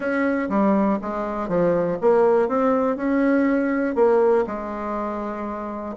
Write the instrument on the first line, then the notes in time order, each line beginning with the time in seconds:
bassoon
0.00 C#4
0.49 G3
1.01 G#3
1.48 F3
2.01 A#3
2.48 C4
2.96 C#4
3.95 A#3
4.46 G#3